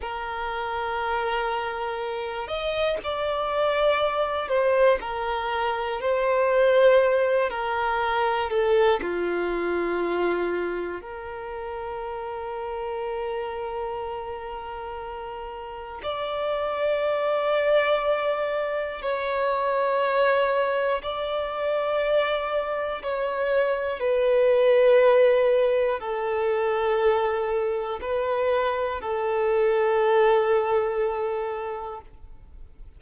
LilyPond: \new Staff \with { instrumentName = "violin" } { \time 4/4 \tempo 4 = 60 ais'2~ ais'8 dis''8 d''4~ | d''8 c''8 ais'4 c''4. ais'8~ | ais'8 a'8 f'2 ais'4~ | ais'1 |
d''2. cis''4~ | cis''4 d''2 cis''4 | b'2 a'2 | b'4 a'2. | }